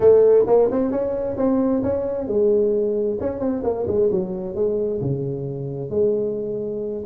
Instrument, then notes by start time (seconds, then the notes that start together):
tuba
0.00 A3
0.47 A#3
0.71 C4
0.91 C#4
1.37 C4
1.83 C#4
2.27 G#3
3.20 C#4
3.39 C4
3.63 A#3
3.87 G#3
4.11 F#3
4.55 G#3
5.00 C#3
5.89 G#3